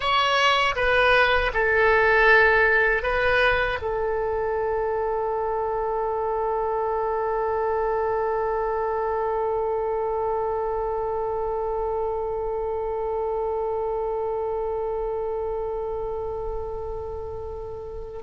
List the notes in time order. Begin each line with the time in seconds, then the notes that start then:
0.00 C#5
0.75 B4
1.53 A4
3.02 B4
3.81 A4